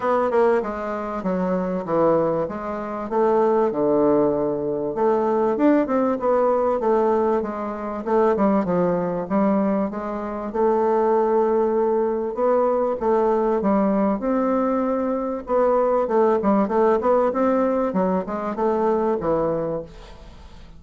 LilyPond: \new Staff \with { instrumentName = "bassoon" } { \time 4/4 \tempo 4 = 97 b8 ais8 gis4 fis4 e4 | gis4 a4 d2 | a4 d'8 c'8 b4 a4 | gis4 a8 g8 f4 g4 |
gis4 a2. | b4 a4 g4 c'4~ | c'4 b4 a8 g8 a8 b8 | c'4 fis8 gis8 a4 e4 | }